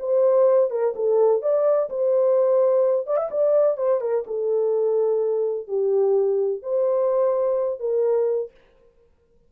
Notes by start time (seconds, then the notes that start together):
0.00 C5
0.71 A#4
0.96 A4
1.43 D5
1.90 C5
3.07 D5
3.17 E5
3.31 D5
3.78 C5
4.01 A#4
4.27 A4
5.68 G4
6.63 C5
7.80 A#4